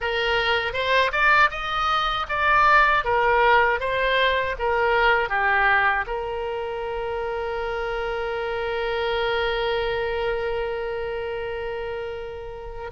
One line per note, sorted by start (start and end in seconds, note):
0.00 0.73 A#4
0.73 1.11 C5
1.12 1.49 D5
1.50 2.26 D#5
2.29 3.04 D5
3.04 3.79 A#4
3.79 4.55 C5
4.58 5.29 A#4
5.29 6.05 G4
6.07 12.90 A#4